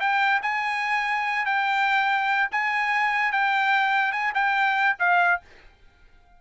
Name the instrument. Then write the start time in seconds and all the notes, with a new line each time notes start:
trumpet
0.00 G5
0.43 G#5
1.46 G5
2.52 G#5
3.32 G5
4.12 G#5
4.34 G5
4.99 F5